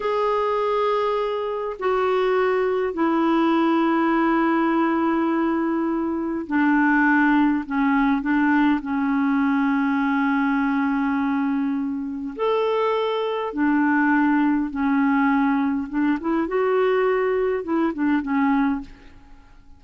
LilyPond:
\new Staff \with { instrumentName = "clarinet" } { \time 4/4 \tempo 4 = 102 gis'2. fis'4~ | fis'4 e'2.~ | e'2. d'4~ | d'4 cis'4 d'4 cis'4~ |
cis'1~ | cis'4 a'2 d'4~ | d'4 cis'2 d'8 e'8 | fis'2 e'8 d'8 cis'4 | }